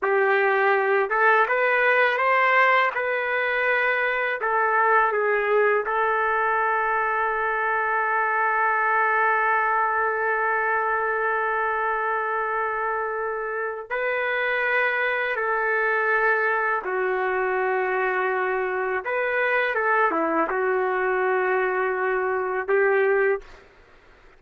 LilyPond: \new Staff \with { instrumentName = "trumpet" } { \time 4/4 \tempo 4 = 82 g'4. a'8 b'4 c''4 | b'2 a'4 gis'4 | a'1~ | a'1~ |
a'2. b'4~ | b'4 a'2 fis'4~ | fis'2 b'4 a'8 e'8 | fis'2. g'4 | }